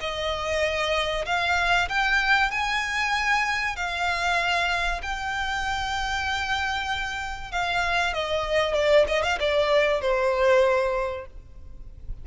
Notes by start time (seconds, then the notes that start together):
0.00 D#5
1.26 F5
1.89 G5
2.51 G#5
3.76 F5
5.02 G5
7.51 F5
8.13 D#5
8.74 D5
9.07 D#5
9.22 F5
9.39 D5
10.01 C5